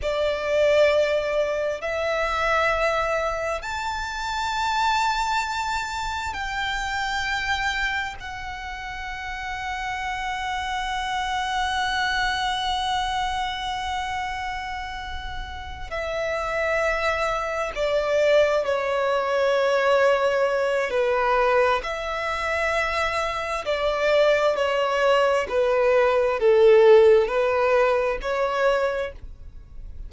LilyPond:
\new Staff \with { instrumentName = "violin" } { \time 4/4 \tempo 4 = 66 d''2 e''2 | a''2. g''4~ | g''4 fis''2.~ | fis''1~ |
fis''4. e''2 d''8~ | d''8 cis''2~ cis''8 b'4 | e''2 d''4 cis''4 | b'4 a'4 b'4 cis''4 | }